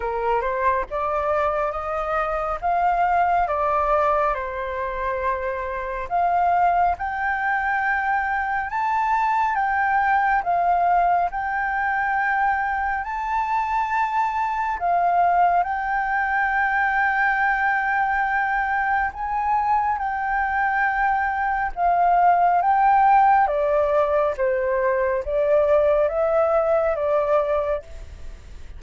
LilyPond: \new Staff \with { instrumentName = "flute" } { \time 4/4 \tempo 4 = 69 ais'8 c''8 d''4 dis''4 f''4 | d''4 c''2 f''4 | g''2 a''4 g''4 | f''4 g''2 a''4~ |
a''4 f''4 g''2~ | g''2 gis''4 g''4~ | g''4 f''4 g''4 d''4 | c''4 d''4 e''4 d''4 | }